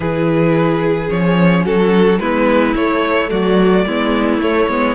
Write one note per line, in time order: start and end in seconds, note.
0.00 1.09 E3
0.00 1.07 E4
0.00 1.64 G#4
0.00 1.10 B4
1.07 1.65 F3
1.07 2.18 C#4
1.07 1.65 C#5
1.64 2.19 F#3
1.64 2.19 F#4
1.64 2.19 A4
2.19 2.74 G#3
2.19 2.76 B3
2.19 3.30 E4
2.19 2.74 B4
2.74 3.30 A3
2.74 3.87 A3
2.74 3.29 C#5
3.30 3.85 F#3
3.30 3.85 F#4
3.30 4.40 D5
3.85 4.38 G#3
3.85 4.41 B3
3.85 4.94 E4
4.38 4.65 A3
4.38 4.68 A3
4.38 4.94 C#5
4.68 4.94 G#3
4.68 4.94 B3